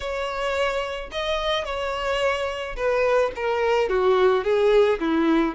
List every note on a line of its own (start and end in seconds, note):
0.00 1.10 C#5
1.11 1.65 D#5
1.65 2.76 C#5
2.76 3.31 B4
3.35 3.89 A#4
3.89 4.43 F#4
4.43 4.99 G#4
4.99 5.54 E4